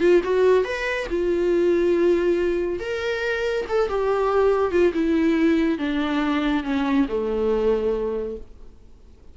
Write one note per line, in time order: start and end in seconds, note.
0.00 0.21 F4
0.24 0.64 F#4
0.64 1.07 B4
1.10 2.80 F4
2.80 3.65 A#4
3.69 3.89 A4
3.89 4.71 G4
4.71 4.93 F4
4.94 5.79 E4
5.79 6.64 D4
6.64 7.06 C#4
7.08 8.37 A3